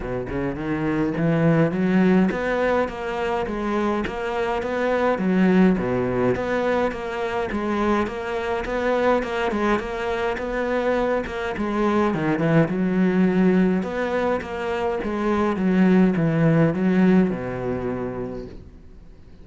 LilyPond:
\new Staff \with { instrumentName = "cello" } { \time 4/4 \tempo 4 = 104 b,8 cis8 dis4 e4 fis4 | b4 ais4 gis4 ais4 | b4 fis4 b,4 b4 | ais4 gis4 ais4 b4 |
ais8 gis8 ais4 b4. ais8 | gis4 dis8 e8 fis2 | b4 ais4 gis4 fis4 | e4 fis4 b,2 | }